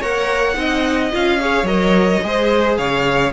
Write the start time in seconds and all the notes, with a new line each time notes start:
0.00 A#3 A#4 C#5 F#5
0.54 C4 D#4 D#5
1.12 C#4 F4 F5
1.41 G#4 C#5
1.63 F#3 A#4 D#5
2.23 G#3 G#4 C5
2.77 C#3 C#5 F5